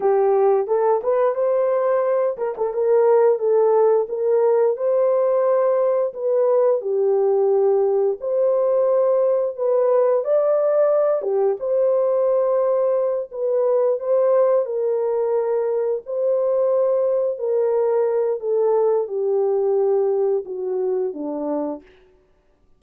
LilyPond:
\new Staff \with { instrumentName = "horn" } { \time 4/4 \tempo 4 = 88 g'4 a'8 b'8 c''4. ais'16 a'16 | ais'4 a'4 ais'4 c''4~ | c''4 b'4 g'2 | c''2 b'4 d''4~ |
d''8 g'8 c''2~ c''8 b'8~ | b'8 c''4 ais'2 c''8~ | c''4. ais'4. a'4 | g'2 fis'4 d'4 | }